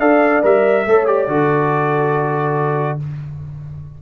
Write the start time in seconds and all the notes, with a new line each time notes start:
0.00 D4 A4 D5 F5
0.43 G3 A#4 E5
0.86 A3 A4 C#5
1.07 G4 D5
1.28 D3 F#4 A4